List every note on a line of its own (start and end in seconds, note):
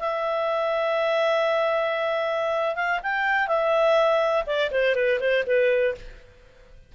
0.00 2.76 E5
2.76 3.00 F5
3.03 3.48 G5
3.48 4.44 E5
4.47 4.71 D5
4.71 4.95 C5
4.95 5.19 B4
5.20 5.45 C5
5.47 5.95 B4